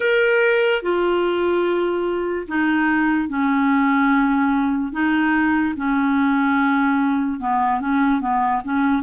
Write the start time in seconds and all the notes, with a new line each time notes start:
0.00 A#4
0.82 F4
2.48 D#4
3.29 C#4
4.92 D#4
5.76 C#4
7.40 B3
7.80 C#4
8.20 B3
8.64 C#4